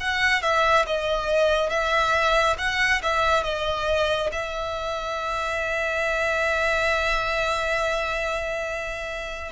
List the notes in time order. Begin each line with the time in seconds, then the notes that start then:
0.00 F#5
0.42 E5
0.87 D#5
1.70 E5
2.58 F#5
3.02 E5
3.43 D#5
4.32 E5